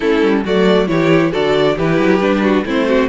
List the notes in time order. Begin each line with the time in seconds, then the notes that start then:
0.00 A3 C#4 E4 A4
0.22 G3
0.44 F#3 A3 F#4 D5
0.87 E3 E4 G4 C#5
1.31 D3 F#4 A4 D5
1.76 E3 E4 G4 B4
1.98 F#3
2.19 G3 D4
2.42 F#4
2.64 A3 C4 E4 C5
2.87 F#4